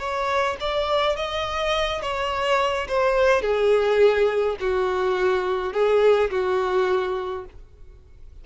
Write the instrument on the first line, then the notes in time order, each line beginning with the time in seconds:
violin
0.00 C#5
0.61 D5
1.17 D#5
2.02 C#5
2.89 C5
3.42 G#4
4.61 F#4
5.74 G#4
6.31 F#4